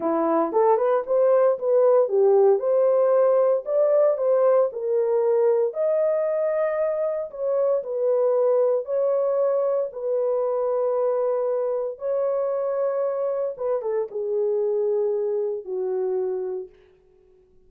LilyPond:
\new Staff \with { instrumentName = "horn" } { \time 4/4 \tempo 4 = 115 e'4 a'8 b'8 c''4 b'4 | g'4 c''2 d''4 | c''4 ais'2 dis''4~ | dis''2 cis''4 b'4~ |
b'4 cis''2 b'4~ | b'2. cis''4~ | cis''2 b'8 a'8 gis'4~ | gis'2 fis'2 | }